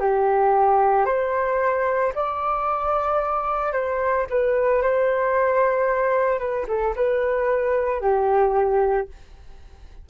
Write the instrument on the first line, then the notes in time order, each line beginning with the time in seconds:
flute
0.00 G4
1.06 C5
2.15 D5
3.73 C5
4.30 B4
4.83 C5
6.39 B4
6.68 A4
6.96 B4
8.01 G4